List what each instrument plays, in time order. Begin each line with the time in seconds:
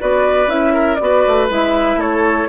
0.00 bassoon B3, clarinet F#4, oboe B4, flute D5
0.48 bassoon C#4, clarinet E4, flute E5
0.74 oboe A#4
0.96 bassoon B3, clarinet F#4, flute D5
1.04 oboe B4
1.28 bassoon A3
1.50 bassoon G#3, clarinet E4, flute E5
1.97 bassoon A3, oboe A4, flute C#5